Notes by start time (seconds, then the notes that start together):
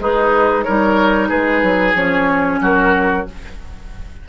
0.00 G#3 D#4 G#4 B4
0.63 G3 D#4 A#4 C#5
1.29 G#3 G#4 B4
1.63 F#3
1.95 F3 C#4 C#5
2.61 F#3 F#4 A#4